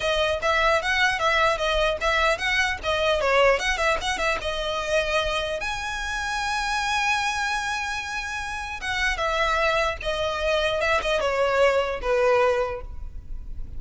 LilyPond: \new Staff \with { instrumentName = "violin" } { \time 4/4 \tempo 4 = 150 dis''4 e''4 fis''4 e''4 | dis''4 e''4 fis''4 dis''4 | cis''4 fis''8 e''8 fis''8 e''8 dis''4~ | dis''2 gis''2~ |
gis''1~ | gis''2 fis''4 e''4~ | e''4 dis''2 e''8 dis''8 | cis''2 b'2 | }